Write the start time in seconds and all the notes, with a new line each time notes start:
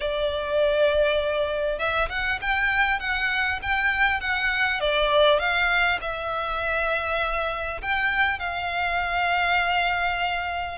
0.00 D5
1.78 E5
2.09 F#5
2.41 G5
2.99 F#5
3.62 G5
4.20 F#5
4.80 D5
5.39 F5
6.01 E5
7.81 G5
8.39 F5